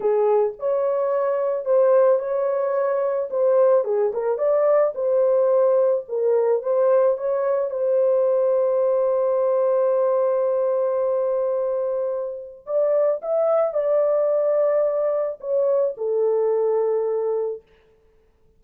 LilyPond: \new Staff \with { instrumentName = "horn" } { \time 4/4 \tempo 4 = 109 gis'4 cis''2 c''4 | cis''2 c''4 gis'8 ais'8 | d''4 c''2 ais'4 | c''4 cis''4 c''2~ |
c''1~ | c''2. d''4 | e''4 d''2. | cis''4 a'2. | }